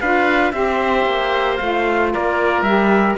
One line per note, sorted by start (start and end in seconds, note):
0.00 0.52 D4
0.00 0.52 F4
0.00 0.53 B4
0.00 0.51 F5
0.51 1.05 C4
0.51 1.59 G4
0.51 2.12 C5
0.51 1.56 E5
1.05 1.58 A#3
1.56 2.14 A3
1.56 2.65 F4
1.56 2.09 F5
2.12 2.62 A#3
2.12 3.18 A#4
2.12 2.62 D5
2.62 3.15 G3
2.62 3.18 G4
2.62 3.15 E5